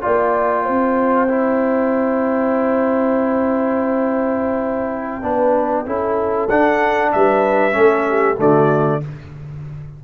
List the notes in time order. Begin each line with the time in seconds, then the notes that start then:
0.00 A#3 F4 D5 G5
0.64 C4 C5
1.28 E4
5.22 B3 D4 B4
5.86 C#4 E4 A4
6.49 D4 F#5
7.12 G3 B4 E5
7.72 A3 C#4 A4
8.09 G4
8.38 D3 A3 F#4 D5